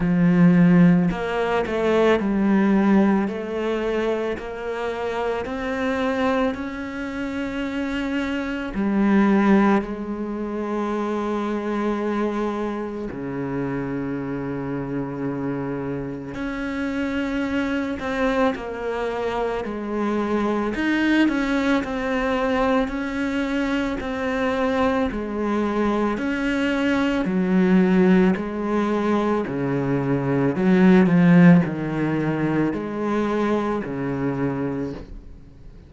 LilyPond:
\new Staff \with { instrumentName = "cello" } { \time 4/4 \tempo 4 = 55 f4 ais8 a8 g4 a4 | ais4 c'4 cis'2 | g4 gis2. | cis2. cis'4~ |
cis'8 c'8 ais4 gis4 dis'8 cis'8 | c'4 cis'4 c'4 gis4 | cis'4 fis4 gis4 cis4 | fis8 f8 dis4 gis4 cis4 | }